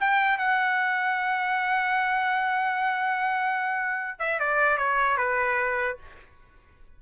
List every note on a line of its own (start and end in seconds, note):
0.00 0.38 G5
0.38 4.20 F#5
4.20 4.39 E5
4.39 4.78 D5
4.78 5.17 C#5
5.17 5.98 B4